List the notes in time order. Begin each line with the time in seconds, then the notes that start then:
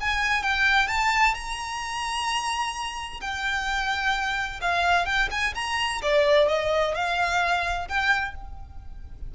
0.00 G#5
0.42 G5
0.87 A5
1.34 A#5
3.21 G5
4.61 F5
5.05 G5
5.30 G#5
5.55 A#5
6.02 D5
6.48 D#5
6.94 F5
7.88 G5